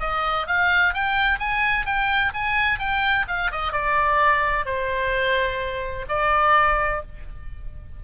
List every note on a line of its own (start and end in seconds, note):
0.00 0.47 D#5
0.47 0.94 F5
0.94 1.39 G5
1.39 1.86 G#5
1.86 2.33 G5
2.34 2.79 G#5
2.79 3.26 G5
3.28 3.51 F5
3.52 3.72 D#5
3.72 4.65 D5
4.65 6.06 C5
6.09 7.02 D5